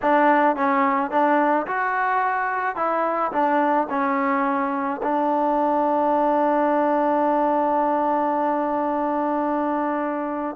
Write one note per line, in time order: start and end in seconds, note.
0.02 0.56 D4
0.56 1.10 C#4
1.10 1.66 D4
1.66 2.76 F#4
2.76 3.31 E4
3.32 3.87 D4
3.89 5.00 C#4
5.03 10.56 D4